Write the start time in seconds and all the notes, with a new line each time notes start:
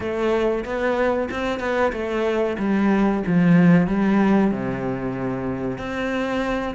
0.00 A3
0.64 B3
1.30 C4
1.59 B3
1.92 A3
2.58 G3
3.26 F3
3.87 G3
4.51 C3
5.78 C4